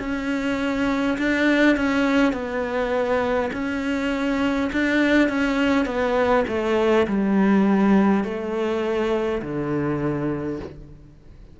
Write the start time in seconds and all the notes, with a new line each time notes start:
0.00 C#4
1.18 D4
1.76 C#4
2.33 B3
3.53 C#4
4.73 D4
5.29 C#4
5.86 B3
6.48 A3
7.07 G3
8.24 A3
9.42 D3